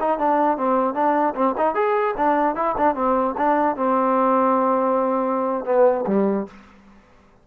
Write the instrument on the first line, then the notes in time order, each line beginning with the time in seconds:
trombone
0.00 D#4
0.19 D4
0.57 C4
0.94 D4
1.35 C4
1.57 D#4
1.75 G#4
2.17 D4
2.56 E4
2.78 D4
2.95 C4
3.37 D4
3.77 C4
5.65 B3
6.07 G3